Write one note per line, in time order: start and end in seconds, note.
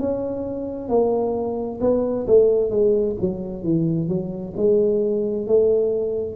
0.00 0.89 C#4
0.89 1.80 A#3
1.81 2.26 B3
2.27 2.70 A3
2.70 3.16 G#3
3.21 3.64 F#3
3.64 4.08 E3
4.08 4.54 F#3
4.57 5.47 G#3
5.47 6.36 A3